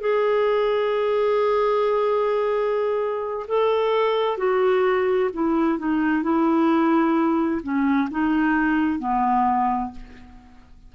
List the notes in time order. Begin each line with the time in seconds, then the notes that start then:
0.00 G#4
3.47 A4
4.37 F#4
5.33 E4
5.78 D#4
6.22 E4
7.62 C#4
8.11 D#4
8.99 B3